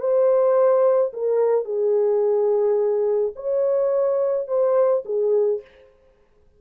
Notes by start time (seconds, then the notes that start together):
0.00 C5
1.13 A#4
1.65 G#4
3.36 C#5
4.48 C5
5.05 G#4